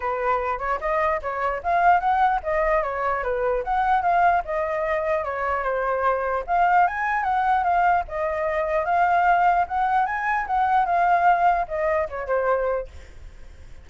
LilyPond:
\new Staff \with { instrumentName = "flute" } { \time 4/4 \tempo 4 = 149 b'4. cis''8 dis''4 cis''4 | f''4 fis''4 dis''4 cis''4 | b'4 fis''4 f''4 dis''4~ | dis''4 cis''4 c''2 |
f''4 gis''4 fis''4 f''4 | dis''2 f''2 | fis''4 gis''4 fis''4 f''4~ | f''4 dis''4 cis''8 c''4. | }